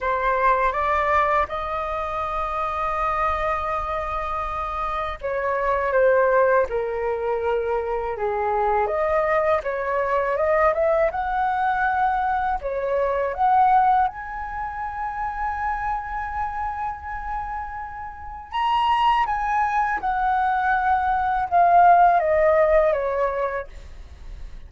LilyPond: \new Staff \with { instrumentName = "flute" } { \time 4/4 \tempo 4 = 81 c''4 d''4 dis''2~ | dis''2. cis''4 | c''4 ais'2 gis'4 | dis''4 cis''4 dis''8 e''8 fis''4~ |
fis''4 cis''4 fis''4 gis''4~ | gis''1~ | gis''4 ais''4 gis''4 fis''4~ | fis''4 f''4 dis''4 cis''4 | }